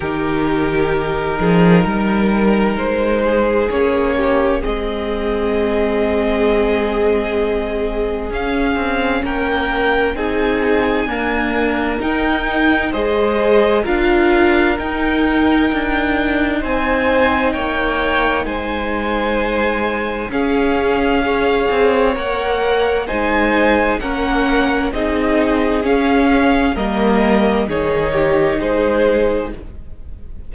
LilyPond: <<
  \new Staff \with { instrumentName = "violin" } { \time 4/4 \tempo 4 = 65 ais'2. c''4 | cis''4 dis''2.~ | dis''4 f''4 g''4 gis''4~ | gis''4 g''4 dis''4 f''4 |
g''2 gis''4 g''4 | gis''2 f''2 | fis''4 gis''4 fis''4 dis''4 | f''4 dis''4 cis''4 c''4 | }
  \new Staff \with { instrumentName = "violin" } { \time 4/4 g'4. gis'8 ais'4. gis'8~ | gis'8 g'8 gis'2.~ | gis'2 ais'4 gis'4 | ais'2 c''4 ais'4~ |
ais'2 c''4 cis''4 | c''2 gis'4 cis''4~ | cis''4 c''4 ais'4 gis'4~ | gis'4 ais'4 gis'8 g'8 gis'4 | }
  \new Staff \with { instrumentName = "viola" } { \time 4/4 dis'1 | cis'4 c'2.~ | c'4 cis'2 dis'4 | ais4 dis'4 gis'4 f'4 |
dis'1~ | dis'2 cis'4 gis'4 | ais'4 dis'4 cis'4 dis'4 | cis'4 ais4 dis'2 | }
  \new Staff \with { instrumentName = "cello" } { \time 4/4 dis4. f8 g4 gis4 | ais4 gis2.~ | gis4 cis'8 c'8 ais4 c'4 | d'4 dis'4 gis4 d'4 |
dis'4 d'4 c'4 ais4 | gis2 cis'4. c'8 | ais4 gis4 ais4 c'4 | cis'4 g4 dis4 gis4 | }
>>